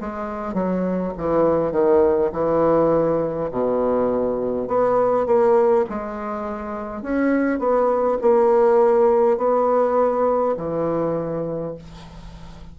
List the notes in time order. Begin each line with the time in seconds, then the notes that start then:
0.00 G#3
0.53 F#3
1.17 E3
1.72 D#3
2.32 E3
3.51 B2
4.68 B3
5.26 A#3
5.89 G#3
7.02 C#4
7.59 B3
8.21 A#3
9.37 B3
10.57 E3